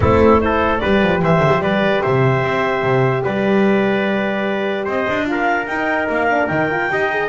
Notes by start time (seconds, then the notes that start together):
0.00 A3 C4 E4 A4
0.38 E4 A4 C5
0.78 G3 G4 B4 D5
1.02 F3
1.22 E3 C5 E5
1.39 D3
1.51 F3
1.60 G3 B4 D5
2.02 C3 C5 E5
2.42 C4
2.82 C3
3.23 G3 B4 D5
4.84 C4 C5 D#5
5.09 D4
5.26 F4 A#4 F5
5.66 D#4 G5
6.09 A#3 F5
6.30 D4
6.47 D#3 D#4 G5
6.70 F4
6.89 D#4 G4 D#5
7.11 G#4